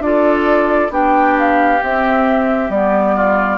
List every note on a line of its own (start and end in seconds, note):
0.00 0.90 D4
0.00 0.90 F4
0.00 0.92 D5
0.06 0.92 A4
0.90 1.80 B3
0.90 1.80 D4
0.90 3.16 G4
0.90 1.38 G5
1.39 1.83 F5
1.81 2.70 C4
1.81 2.71 E5
2.70 3.58 G3
2.70 3.58 B3
2.70 3.58 D5
3.16 3.58 F4